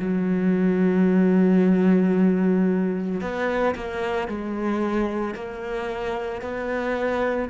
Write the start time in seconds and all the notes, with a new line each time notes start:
0.00 F#3
3.21 B3
3.75 A#3
4.28 G#3
5.35 A#3
6.42 B3